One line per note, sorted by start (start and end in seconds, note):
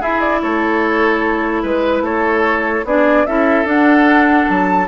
0.00 0.42 E4
0.00 2.86 E4
0.00 0.41 G#4
0.00 0.20 E5
0.20 0.41 D5
0.41 1.63 A3
0.41 1.62 A4
0.41 1.63 C#5
1.62 2.01 G#3
1.62 2.03 B4
1.62 2.04 B4
2.01 2.82 A3
2.01 2.85 A4
2.01 2.86 C#5
2.84 3.25 B3
2.84 3.27 D4
2.84 3.27 G#4
2.84 3.26 D5
3.26 3.64 C#4
3.26 3.65 E4
3.26 4.87 A4
3.26 3.66 E5
3.64 4.45 D4
3.64 4.87 D4
3.64 4.49 F#5
4.49 4.87 F#3
4.49 4.87 A5